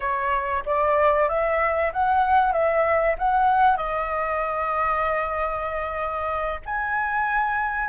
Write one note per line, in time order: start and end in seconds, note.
0.00 0.63 C#5
0.65 1.28 D5
1.28 1.91 E5
1.92 2.52 F#5
2.52 3.15 E5
3.18 3.76 F#5
3.76 6.61 D#5
6.65 7.89 G#5